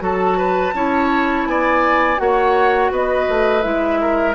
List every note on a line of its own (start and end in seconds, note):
0.00 0.73 F#3
0.00 0.72 F#4
0.00 0.38 A4
0.00 1.47 A5
0.38 0.74 B4
0.74 1.46 C#4
0.74 2.17 E4
0.74 1.48 C#5
1.46 2.19 B3
1.46 2.22 D5
1.46 2.19 G#5
2.17 2.91 A#3
2.17 3.62 F#4
2.17 2.92 C#5
2.17 2.91 F#5
2.91 3.27 B3
2.91 4.00 B4
2.91 3.63 D#5
3.29 3.65 A3
3.62 4.36 G#3
3.62 4.34 E4
3.62 4.35 E5
4.01 4.36 A#4